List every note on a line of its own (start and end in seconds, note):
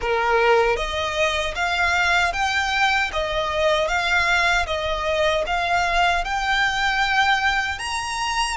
0.01 0.76 A#4
0.76 1.54 D#5
1.55 2.32 F5
2.32 3.10 G5
3.12 3.87 D#5
3.87 4.65 F5
4.66 5.44 D#5
5.46 6.24 F5
6.24 7.79 G5
7.79 8.56 A#5